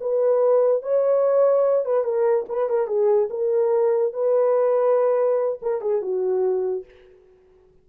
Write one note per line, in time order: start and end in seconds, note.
0.00 0.82 B4
0.82 1.85 C#5
1.85 2.04 B4
2.04 2.45 A#4
2.48 2.69 B4
2.69 2.87 A#4
2.87 3.28 G#4
3.30 4.13 A#4
4.13 5.59 B4
5.62 5.81 A#4
5.81 6.01 G#4
6.01 6.84 F#4